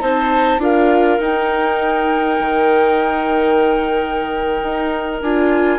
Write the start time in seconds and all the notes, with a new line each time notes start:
0.00 C4 D#4 C5 A5
0.58 D4 F4 A#4 F5
1.19 D#4 G5
2.39 D#3
4.62 D#4
5.21 D4 F4 G#5